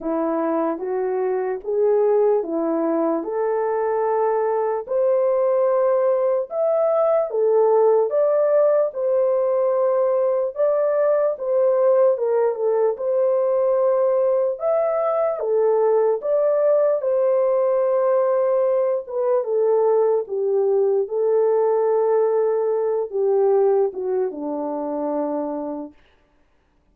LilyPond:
\new Staff \with { instrumentName = "horn" } { \time 4/4 \tempo 4 = 74 e'4 fis'4 gis'4 e'4 | a'2 c''2 | e''4 a'4 d''4 c''4~ | c''4 d''4 c''4 ais'8 a'8 |
c''2 e''4 a'4 | d''4 c''2~ c''8 b'8 | a'4 g'4 a'2~ | a'8 g'4 fis'8 d'2 | }